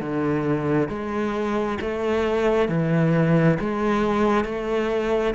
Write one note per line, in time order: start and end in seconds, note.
0.00 0.89 D3
0.89 1.78 G#3
1.81 2.69 A3
2.69 3.58 E3
3.60 4.45 G#3
4.45 5.34 A3